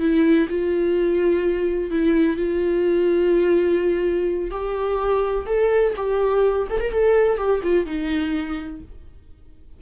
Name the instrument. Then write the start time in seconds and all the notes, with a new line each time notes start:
viola
0.00 E4
0.49 F4
1.91 E4
2.37 F4
4.51 G4
5.47 A4
5.96 G4
6.70 A4
6.81 A#4
6.91 A4
7.37 G4
7.63 F4
7.86 D#4